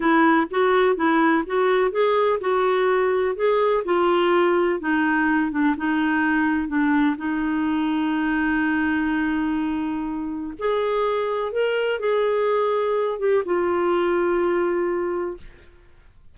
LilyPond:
\new Staff \with { instrumentName = "clarinet" } { \time 4/4 \tempo 4 = 125 e'4 fis'4 e'4 fis'4 | gis'4 fis'2 gis'4 | f'2 dis'4. d'8 | dis'2 d'4 dis'4~ |
dis'1~ | dis'2 gis'2 | ais'4 gis'2~ gis'8 g'8 | f'1 | }